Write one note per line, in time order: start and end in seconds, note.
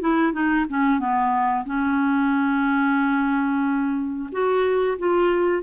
0.00 0.32 E4
0.32 0.65 D#4
0.69 0.99 C#4
0.99 1.65 B3
1.65 4.29 C#4
4.32 4.98 F#4
4.98 5.63 F4